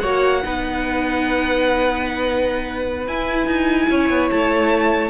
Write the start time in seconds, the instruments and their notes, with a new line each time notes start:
0.00 cello A#3, viola F#4, violin C#5 F#5
0.44 cello B3, viola D#4, violin B4
3.08 cello E4, viola E4, violin G#5
3.47 cello D#4
3.90 cello C#4, violin C#5
4.10 cello B3
4.31 cello A3, violin A5